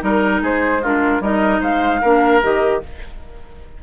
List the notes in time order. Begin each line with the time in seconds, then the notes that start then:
0.00 G3 D#4 A#4
0.42 G#3 G#4 C5
0.82 D4 F4 A#4
1.20 G3 D#4 A#4 D#5
1.61 G#3 C5 F5
2.02 A#3 D4 A#4
2.43 D#3 G4 D#5